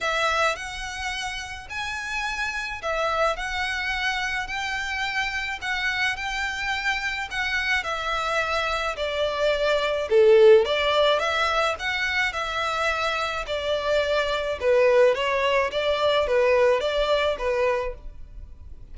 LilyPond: \new Staff \with { instrumentName = "violin" } { \time 4/4 \tempo 4 = 107 e''4 fis''2 gis''4~ | gis''4 e''4 fis''2 | g''2 fis''4 g''4~ | g''4 fis''4 e''2 |
d''2 a'4 d''4 | e''4 fis''4 e''2 | d''2 b'4 cis''4 | d''4 b'4 d''4 b'4 | }